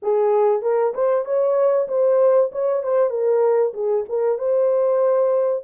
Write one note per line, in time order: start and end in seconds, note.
0.02 0.61 G#4
0.61 0.93 A#4
0.94 1.25 C5
1.25 1.88 C#5
1.88 2.50 C5
2.52 2.83 C#5
2.83 3.10 C5
3.10 3.72 A#4
3.73 4.05 G#4
4.08 4.38 A#4
4.38 5.63 C5